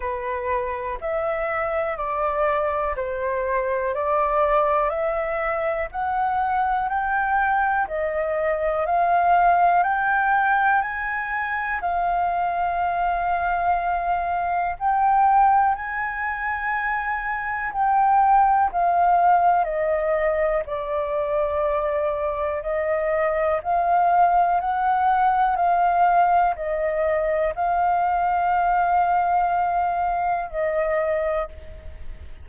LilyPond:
\new Staff \with { instrumentName = "flute" } { \time 4/4 \tempo 4 = 61 b'4 e''4 d''4 c''4 | d''4 e''4 fis''4 g''4 | dis''4 f''4 g''4 gis''4 | f''2. g''4 |
gis''2 g''4 f''4 | dis''4 d''2 dis''4 | f''4 fis''4 f''4 dis''4 | f''2. dis''4 | }